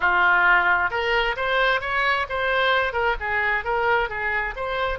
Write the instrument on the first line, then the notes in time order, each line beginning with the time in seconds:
oboe
0.00 F4
0.90 A#4
1.36 C5
1.81 C#5
2.29 C5
2.92 A#4
3.19 G#4
3.64 A#4
4.09 G#4
4.56 C5